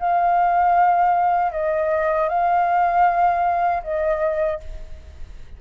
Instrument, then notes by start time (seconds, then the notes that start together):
flute
0.00 F5
1.52 D#5
2.29 F5
3.83 D#5